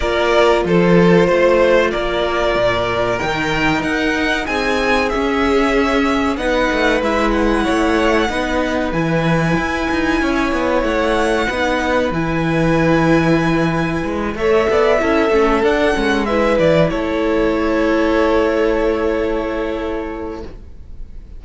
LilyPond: <<
  \new Staff \with { instrumentName = "violin" } { \time 4/4 \tempo 4 = 94 d''4 c''2 d''4~ | d''4 g''4 fis''4 gis''4 | e''2 fis''4 e''8 fis''8~ | fis''2 gis''2~ |
gis''4 fis''2 gis''4~ | gis''2~ gis''8 e''4.~ | e''8 fis''4 e''8 d''8 cis''4.~ | cis''1 | }
  \new Staff \with { instrumentName = "violin" } { \time 4/4 ais'4 a'4 c''4 ais'4~ | ais'2. gis'4~ | gis'2 b'2 | cis''4 b'2. |
cis''2 b'2~ | b'2~ b'8 cis''8 d''8 a'8~ | a'4. b'4 a'4.~ | a'1 | }
  \new Staff \with { instrumentName = "viola" } { \time 4/4 f'1~ | f'4 dis'2. | cis'2 dis'4 e'4~ | e'4 dis'4 e'2~ |
e'2 dis'4 e'4~ | e'2~ e'8 a'4 e'8 | cis'8 d'8 cis'8 e'2~ e'8~ | e'1 | }
  \new Staff \with { instrumentName = "cello" } { \time 4/4 ais4 f4 a4 ais4 | ais,4 dis4 dis'4 c'4 | cis'2 b8 a8 gis4 | a4 b4 e4 e'8 dis'8 |
cis'8 b8 a4 b4 e4~ | e2 gis8 a8 b8 cis'8 | a8 d'8 gis4 e8 a4.~ | a1 | }
>>